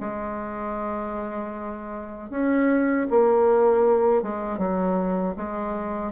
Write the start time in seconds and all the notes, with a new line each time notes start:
0.00 G#3
2.30 C#4
3.10 A#3
4.22 G#3
4.58 F#3
5.37 G#3